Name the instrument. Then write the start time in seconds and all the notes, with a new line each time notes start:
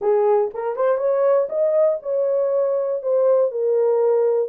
horn
0.01 G#4
0.54 A#4
0.75 C5
0.97 C#5
1.49 D#5
2.02 C#5
3.02 C5
3.51 A#4